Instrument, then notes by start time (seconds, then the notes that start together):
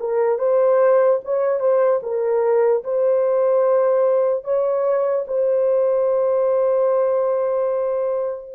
horn
0.00 A#4
0.39 C5
1.25 C#5
1.60 C5
2.03 A#4
2.84 C5
4.44 C#5
5.27 C5